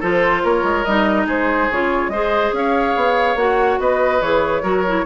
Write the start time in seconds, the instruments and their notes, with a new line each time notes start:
0.00 bassoon F3, clarinet F4, oboe A4, flute C5
0.43 bassoon A#3, oboe A#4, flute C#5
0.63 bassoon G#3
0.84 bassoon G3, clarinet D#4, flute D#5
1.26 bassoon G#3, oboe G#4, flute C5
1.71 bassoon C#3, clarinet F4, flute C#5
2.08 bassoon G#3, clarinet G#4, oboe C5, flute D#5
2.53 bassoon C#4, oboe C#5, flute F5
2.96 bassoon B3
3.35 bassoon A#3, clarinet F#4, flute F#5
3.79 bassoon B3, oboe B4, flute D#5
4.21 bassoon E3, clarinet G#4, flute C#5
4.62 bassoon F#3, clarinet F#4, oboe A#4
4.87 clarinet E4